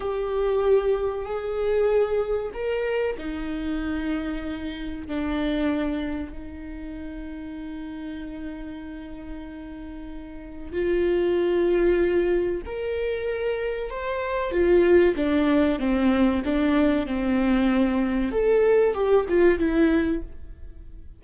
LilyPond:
\new Staff \with { instrumentName = "viola" } { \time 4/4 \tempo 4 = 95 g'2 gis'2 | ais'4 dis'2. | d'2 dis'2~ | dis'1~ |
dis'4 f'2. | ais'2 c''4 f'4 | d'4 c'4 d'4 c'4~ | c'4 a'4 g'8 f'8 e'4 | }